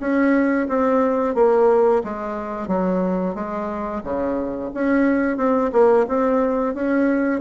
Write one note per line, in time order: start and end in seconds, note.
0.00 0.67 C#4
0.69 1.35 C4
1.35 2.02 A#3
2.04 2.68 G#3
2.68 3.35 F#3
3.35 4.02 G#3
4.04 4.71 C#3
4.74 5.37 C#4
5.37 5.71 C4
5.72 6.06 A#3
6.08 6.75 C4
6.75 7.41 C#4